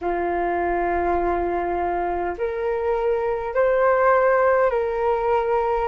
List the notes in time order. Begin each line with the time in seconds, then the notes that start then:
0.01 F4
2.37 A#4
3.54 C5
4.70 A#4